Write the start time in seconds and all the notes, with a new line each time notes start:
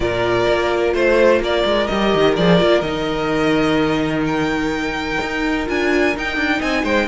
0.00 A#2 F4 A#4 D5
0.48 A#3
0.93 A3 C5
1.40 A#3 A#4 D5
1.64 G#3
1.87 G3 G4 D#5
2.14 D#3
2.36 F3 G#4 D5
2.59 A#3 F4
2.81 D#3 D#4 D#5
4.26 G5
5.21 D#4
5.66 D4 F4 G#5
6.16 D#4 G5
6.36 D4
6.57 C4 D#5 G#5
6.83 G#3 C5 G5